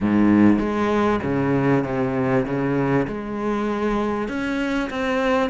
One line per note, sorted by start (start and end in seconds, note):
0.01 0.58 G#2
0.58 1.19 G#3
1.22 1.84 C#3
1.84 2.45 C3
2.45 3.06 C#3
3.08 4.28 G#3
4.28 4.89 C#4
4.90 5.49 C4